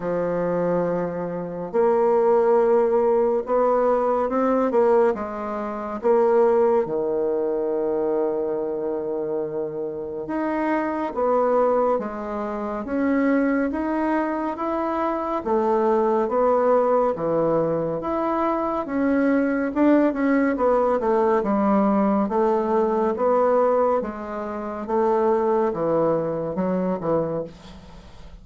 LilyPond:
\new Staff \with { instrumentName = "bassoon" } { \time 4/4 \tempo 4 = 70 f2 ais2 | b4 c'8 ais8 gis4 ais4 | dis1 | dis'4 b4 gis4 cis'4 |
dis'4 e'4 a4 b4 | e4 e'4 cis'4 d'8 cis'8 | b8 a8 g4 a4 b4 | gis4 a4 e4 fis8 e8 | }